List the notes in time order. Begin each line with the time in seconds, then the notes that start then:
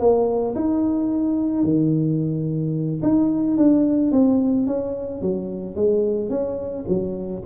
0.00 A#3
0.55 D#4
1.64 D#3
3.03 D#4
3.57 D4
4.12 C4
4.67 C#4
5.22 F#3
5.76 G#3
6.30 C#4
6.88 F#3